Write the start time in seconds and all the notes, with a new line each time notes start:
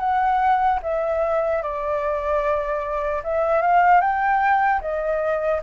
0.00 F#5
0.83 E5
1.63 D5
3.24 E5
3.62 F5
4.01 G5
4.81 D#5